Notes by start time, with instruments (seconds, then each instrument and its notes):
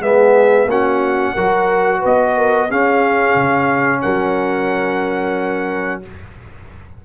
0.00 tuba G#3, trombone B3, horn G#4, trumpet E5
0.66 tuba A#3, trombone C#4, horn F#4, trumpet F#5
1.34 tuba F#3, trombone F#4, horn A#4
2.00 tuba B3, horn B4, trumpet D#5
2.37 horn A#4
2.70 trombone C#4, tuba C#4, horn G#4, trumpet F5
3.35 tuba C#3
4.02 tuba F#3, horn A#4, trumpet F#5